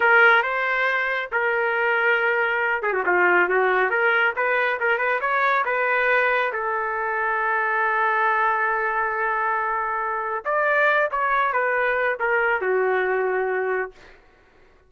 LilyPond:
\new Staff \with { instrumentName = "trumpet" } { \time 4/4 \tempo 4 = 138 ais'4 c''2 ais'4~ | ais'2~ ais'8 gis'16 fis'16 f'4 | fis'4 ais'4 b'4 ais'8 b'8 | cis''4 b'2 a'4~ |
a'1~ | a'1 | d''4. cis''4 b'4. | ais'4 fis'2. | }